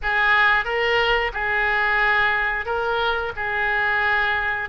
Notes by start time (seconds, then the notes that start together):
0.02 G#4
0.65 A#4
1.33 G#4
2.65 A#4
3.35 G#4